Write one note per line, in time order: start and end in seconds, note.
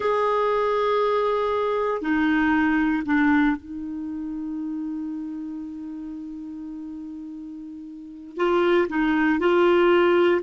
0.00 2.01 G#4
2.01 3.03 D#4
3.05 3.56 D4
3.56 8.36 D#4
8.36 8.87 F4
8.89 9.39 D#4
9.39 10.41 F4